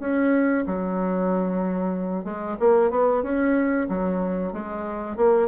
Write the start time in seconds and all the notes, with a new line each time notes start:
0.00 C#4
0.67 F#3
2.25 G#3
2.60 A#3
2.91 B3
3.23 C#4
3.89 F#3
4.53 G#3
5.17 A#3